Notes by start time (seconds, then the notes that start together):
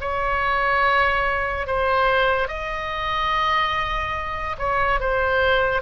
0.00 C#5
1.67 C5
2.48 D#5
4.58 C#5
5.00 C5